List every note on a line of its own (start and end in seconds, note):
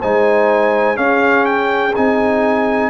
0.00 0.97 G#3
0.00 0.95 D#4
0.00 0.97 C5
0.00 0.97 G#5
0.95 1.92 C#4
0.95 1.94 C#4
0.95 2.90 G#4
0.95 1.45 F5
1.45 1.94 G5
1.95 2.90 C4
1.95 2.90 D#4
1.95 2.90 G#5